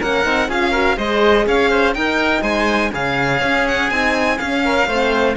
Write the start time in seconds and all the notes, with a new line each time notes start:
0.00 A#3 C#4 A#4 F#5
0.23 C4 D#4
0.48 C#4 F4 G#4 F5
0.71 F#4 A#4
0.97 G#3 G#4 C5 D#5
1.46 C#4 C#5 F5
1.70 C5
1.94 D#4 A#4 G5
2.42 G#3 C5 G#5
2.91 C#3 C#4 G#4 F5
3.42 C#4
3.67 F#5
3.90 C4 D#4 G#5
4.38 C#4 F5
4.65 A#4
4.87 A3 C4 C5